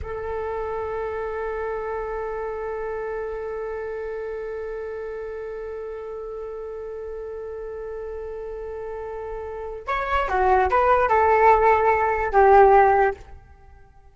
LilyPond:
\new Staff \with { instrumentName = "flute" } { \time 4/4 \tempo 4 = 146 a'1~ | a'1~ | a'1~ | a'1~ |
a'1~ | a'1 | cis''4 fis'4 b'4 a'4~ | a'2 g'2 | }